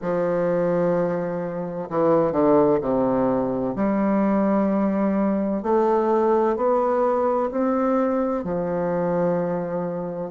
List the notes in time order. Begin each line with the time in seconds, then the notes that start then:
0.01 F3
1.89 E3
2.31 D3
2.81 C3
3.75 G3
5.62 A3
6.56 B3
7.51 C4
8.44 F3